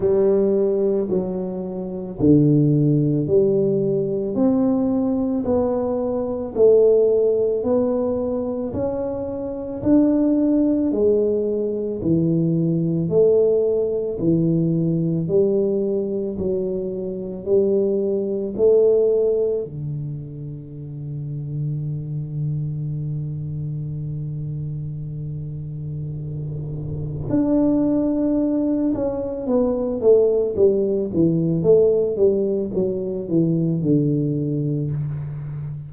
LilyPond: \new Staff \with { instrumentName = "tuba" } { \time 4/4 \tempo 4 = 55 g4 fis4 d4 g4 | c'4 b4 a4 b4 | cis'4 d'4 gis4 e4 | a4 e4 g4 fis4 |
g4 a4 d2~ | d1~ | d4 d'4. cis'8 b8 a8 | g8 e8 a8 g8 fis8 e8 d4 | }